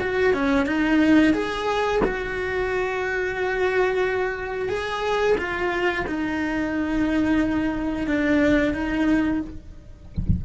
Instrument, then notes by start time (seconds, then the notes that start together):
cello
0.00 F#4
0.33 C#4
0.66 D#4
1.34 G#4
2.05 F#4
4.69 G#4
5.38 F4
6.07 D#4
8.07 D4
8.74 D#4